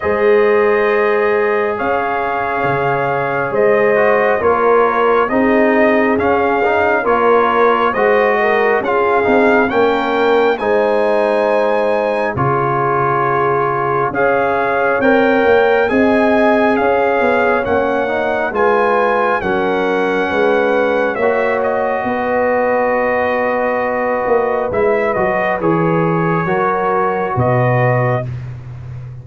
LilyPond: <<
  \new Staff \with { instrumentName = "trumpet" } { \time 4/4 \tempo 4 = 68 dis''2 f''2 | dis''4 cis''4 dis''4 f''4 | cis''4 dis''4 f''4 g''4 | gis''2 cis''2 |
f''4 g''4 gis''4 f''4 | fis''4 gis''4 fis''2 | e''8 dis''2.~ dis''8 | e''8 dis''8 cis''2 dis''4 | }
  \new Staff \with { instrumentName = "horn" } { \time 4/4 c''2 cis''2 | c''4 ais'4 gis'2 | ais'4 c''8 ais'8 gis'4 ais'4 | c''2 gis'2 |
cis''2 dis''4 cis''4~ | cis''4 b'4 ais'4 b'4 | cis''4 b'2.~ | b'2 ais'4 b'4 | }
  \new Staff \with { instrumentName = "trombone" } { \time 4/4 gis'1~ | gis'8 fis'8 f'4 dis'4 cis'8 dis'8 | f'4 fis'4 f'8 dis'8 cis'4 | dis'2 f'2 |
gis'4 ais'4 gis'2 | cis'8 dis'8 f'4 cis'2 | fis'1 | e'8 fis'8 gis'4 fis'2 | }
  \new Staff \with { instrumentName = "tuba" } { \time 4/4 gis2 cis'4 cis4 | gis4 ais4 c'4 cis'4 | ais4 gis4 cis'8 c'8 ais4 | gis2 cis2 |
cis'4 c'8 ais8 c'4 cis'8 b8 | ais4 gis4 fis4 gis4 | ais4 b2~ b8 ais8 | gis8 fis8 e4 fis4 b,4 | }
>>